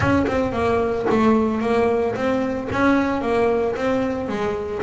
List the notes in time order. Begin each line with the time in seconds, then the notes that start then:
0.00 C#4
0.27 C4
0.52 A#3
1.10 A3
1.61 A#3
2.15 C4
2.72 C#4
3.21 A#3
3.75 C4
4.28 G#3